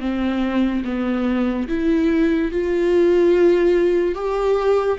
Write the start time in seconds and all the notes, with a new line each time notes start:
0.00 C4
0.84 B3
1.68 E4
2.52 F4
4.15 G4